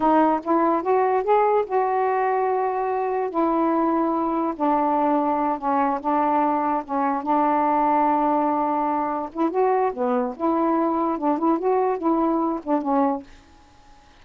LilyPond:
\new Staff \with { instrumentName = "saxophone" } { \time 4/4 \tempo 4 = 145 dis'4 e'4 fis'4 gis'4 | fis'1 | e'2. d'4~ | d'4. cis'4 d'4.~ |
d'8 cis'4 d'2~ d'8~ | d'2~ d'8 e'8 fis'4 | b4 e'2 d'8 e'8 | fis'4 e'4. d'8 cis'4 | }